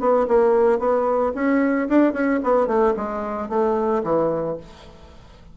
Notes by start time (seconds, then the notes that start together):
0.00 B3
0.28 A#3
0.79 B3
1.35 C#4
1.89 D4
2.13 C#4
2.44 B3
2.67 A3
2.97 G#3
3.49 A3
4.03 E3